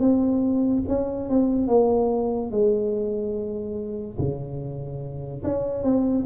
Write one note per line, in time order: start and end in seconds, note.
0.00 0.83 C4
0.88 1.30 C#4
1.30 1.68 C4
1.68 2.51 A#3
2.51 4.18 G#3
4.18 5.43 C#3
5.44 5.84 C#4
5.84 6.25 C4